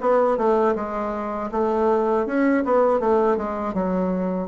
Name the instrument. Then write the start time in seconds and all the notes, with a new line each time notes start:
bassoon
0.00 B3
0.37 A3
0.75 G#3
1.51 A3
2.26 C#4
2.64 B3
3.00 A3
3.36 G#3
3.73 F#3